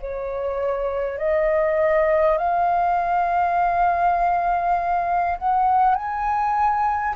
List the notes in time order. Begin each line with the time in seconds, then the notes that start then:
0.00 C#5
1.18 D#5
2.37 F5
5.38 F#5
5.95 G#5